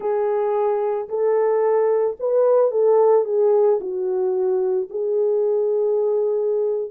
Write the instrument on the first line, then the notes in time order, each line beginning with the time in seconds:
horn
0.00 G#4
1.08 A4
2.19 B4
2.71 A4
3.25 G#4
3.80 F#4
4.90 G#4